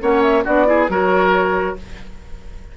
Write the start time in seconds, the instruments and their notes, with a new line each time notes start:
0.00 bassoon A#3, clarinet C#4, oboe C#5, flute F#5
0.22 flute E5
0.44 bassoon B3, clarinet D4, oboe F#4, flute D5
0.66 clarinet E4, oboe G#4
0.88 bassoon F#3, clarinet F#4, oboe A#4, flute C#5